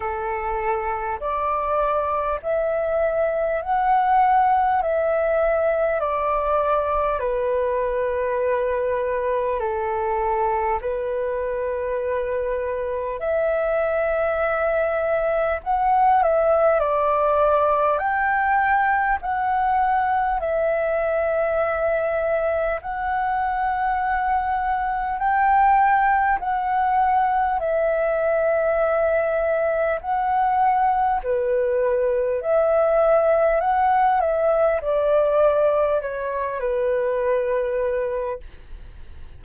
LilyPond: \new Staff \with { instrumentName = "flute" } { \time 4/4 \tempo 4 = 50 a'4 d''4 e''4 fis''4 | e''4 d''4 b'2 | a'4 b'2 e''4~ | e''4 fis''8 e''8 d''4 g''4 |
fis''4 e''2 fis''4~ | fis''4 g''4 fis''4 e''4~ | e''4 fis''4 b'4 e''4 | fis''8 e''8 d''4 cis''8 b'4. | }